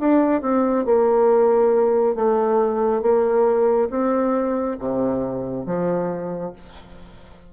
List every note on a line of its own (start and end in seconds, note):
0.00 0.42 D4
0.42 0.85 C4
0.85 2.15 A#3
2.15 3.02 A3
3.02 3.89 A#3
3.91 4.77 C4
4.80 5.66 C3
5.66 6.53 F3